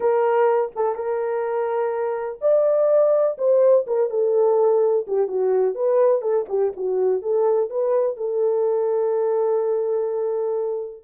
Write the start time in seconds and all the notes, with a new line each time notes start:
0.00 A#4
0.75 A4
0.95 A#4
2.41 D5
3.38 C5
3.86 A#4
4.10 A4
5.07 G4
5.27 F#4
5.74 B4
6.21 A4
6.48 G4
6.76 F#4
7.22 A4
7.70 B4
8.16 A4